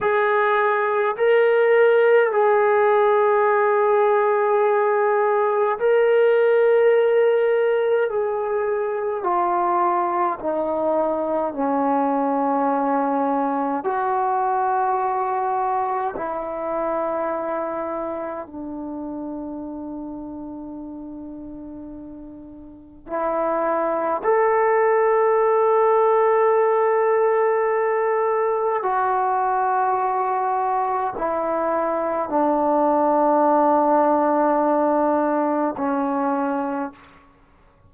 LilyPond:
\new Staff \with { instrumentName = "trombone" } { \time 4/4 \tempo 4 = 52 gis'4 ais'4 gis'2~ | gis'4 ais'2 gis'4 | f'4 dis'4 cis'2 | fis'2 e'2 |
d'1 | e'4 a'2.~ | a'4 fis'2 e'4 | d'2. cis'4 | }